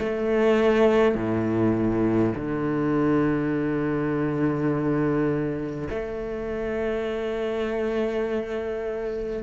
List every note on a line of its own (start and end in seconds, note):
0.00 1.16 A3
1.16 2.33 A2
2.36 5.89 D3
5.90 9.43 A3